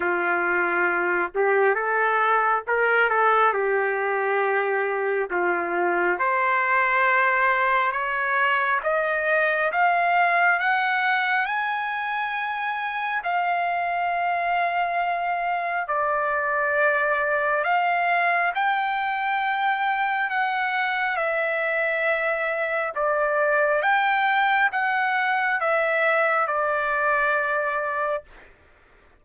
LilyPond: \new Staff \with { instrumentName = "trumpet" } { \time 4/4 \tempo 4 = 68 f'4. g'8 a'4 ais'8 a'8 | g'2 f'4 c''4~ | c''4 cis''4 dis''4 f''4 | fis''4 gis''2 f''4~ |
f''2 d''2 | f''4 g''2 fis''4 | e''2 d''4 g''4 | fis''4 e''4 d''2 | }